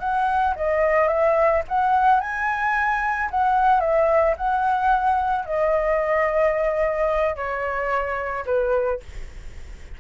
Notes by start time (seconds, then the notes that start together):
0.00 F#5
0.56 D#5
1.08 E5
1.69 F#5
2.21 G#5
3.31 F#5
3.81 E5
4.38 F#5
5.46 D#5
7.36 C#5
8.46 B4